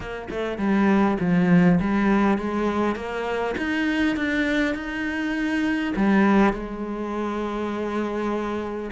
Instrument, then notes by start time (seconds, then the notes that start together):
cello
0.00 A#3
0.30 A3
0.58 G3
1.20 F3
1.80 G3
2.38 G#3
2.95 A#3
3.57 D#4
4.16 D4
4.74 D#4
5.95 G3
6.53 G#3